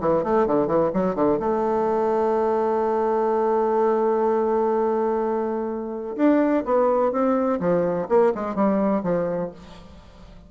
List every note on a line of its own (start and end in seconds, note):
0.00 0.23 E3
0.23 0.47 A3
0.47 0.67 D3
0.67 0.91 E3
0.94 1.15 F#3
1.15 1.39 D3
1.39 6.16 A3
6.16 6.64 D4
6.65 7.12 B3
7.12 7.59 C4
7.60 8.07 F3
8.09 8.32 A#3
8.35 8.55 G#3
8.55 9.02 G3
9.03 9.51 F3